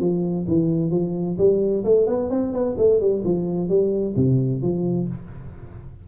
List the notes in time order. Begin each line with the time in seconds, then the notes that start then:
0.00 F3
0.47 E3
0.91 F3
1.38 G3
1.84 A3
2.07 B3
2.30 C4
2.53 B3
2.78 A3
3.00 G3
3.24 F3
3.69 G3
4.16 C3
4.62 F3